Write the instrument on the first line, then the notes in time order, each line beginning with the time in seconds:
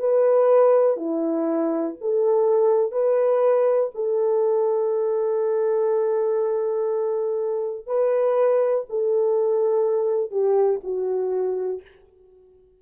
horn
0.00 B4
0.97 E4
2.01 A4
2.92 B4
3.95 A4
7.87 B4
8.90 A4
10.31 G4
10.84 F#4